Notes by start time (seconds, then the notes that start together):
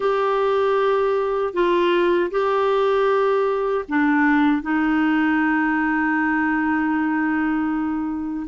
0.00 G4
1.53 F4
2.30 G4
3.88 D4
4.62 D#4